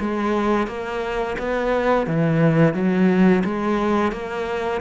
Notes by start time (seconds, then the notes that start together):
0.00 G#3
0.67 A#3
1.39 B3
2.07 E3
2.74 F#3
3.44 G#3
4.12 A#3